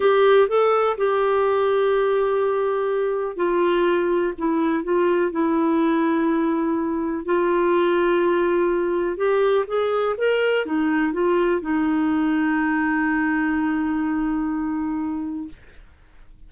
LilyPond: \new Staff \with { instrumentName = "clarinet" } { \time 4/4 \tempo 4 = 124 g'4 a'4 g'2~ | g'2. f'4~ | f'4 e'4 f'4 e'4~ | e'2. f'4~ |
f'2. g'4 | gis'4 ais'4 dis'4 f'4 | dis'1~ | dis'1 | }